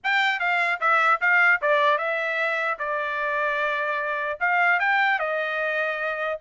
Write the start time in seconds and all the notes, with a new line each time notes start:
0.03 G5
0.39 F5
0.80 E5
1.20 F5
1.61 D5
1.98 E5
2.79 D5
4.40 F5
4.79 G5
5.19 D#5